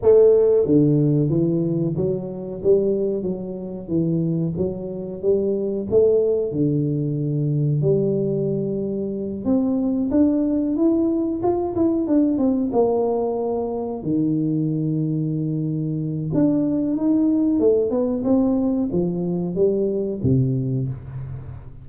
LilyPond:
\new Staff \with { instrumentName = "tuba" } { \time 4/4 \tempo 4 = 92 a4 d4 e4 fis4 | g4 fis4 e4 fis4 | g4 a4 d2 | g2~ g8 c'4 d'8~ |
d'8 e'4 f'8 e'8 d'8 c'8 ais8~ | ais4. dis2~ dis8~ | dis4 d'4 dis'4 a8 b8 | c'4 f4 g4 c4 | }